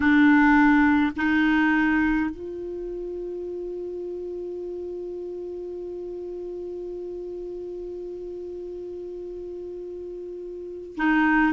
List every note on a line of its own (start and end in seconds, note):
0.00 1.11 D4
1.16 2.30 D#4
2.30 10.96 F4
10.96 11.53 D#4